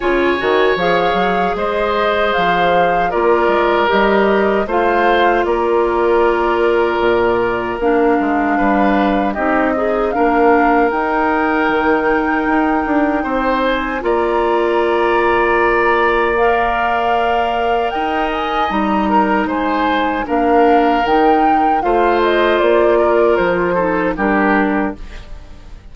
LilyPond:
<<
  \new Staff \with { instrumentName = "flute" } { \time 4/4 \tempo 4 = 77 gis''4 f''4 dis''4 f''4 | d''4 dis''4 f''4 d''4~ | d''2 f''2 | dis''4 f''4 g''2~ |
g''4. gis''8 ais''2~ | ais''4 f''2 g''8 gis''8 | ais''4 gis''4 f''4 g''4 | f''8 dis''8 d''4 c''4 ais'4 | }
  \new Staff \with { instrumentName = "oboe" } { \time 4/4 cis''2 c''2 | ais'2 c''4 ais'4~ | ais'2. b'4 | g'8 dis'8 ais'2.~ |
ais'4 c''4 d''2~ | d''2. dis''4~ | dis''8 ais'8 c''4 ais'2 | c''4. ais'4 a'8 g'4 | }
  \new Staff \with { instrumentName = "clarinet" } { \time 4/4 f'8 fis'8 gis'2. | f'4 g'4 f'2~ | f'2 d'2 | dis'8 gis'8 d'4 dis'2~ |
dis'2 f'2~ | f'4 ais'2. | dis'2 d'4 dis'4 | f'2~ f'8 dis'8 d'4 | }
  \new Staff \with { instrumentName = "bassoon" } { \time 4/4 cis8 dis8 f8 fis8 gis4 f4 | ais8 gis8 g4 a4 ais4~ | ais4 ais,4 ais8 gis8 g4 | c'4 ais4 dis'4 dis4 |
dis'8 d'8 c'4 ais2~ | ais2. dis'4 | g4 gis4 ais4 dis4 | a4 ais4 f4 g4 | }
>>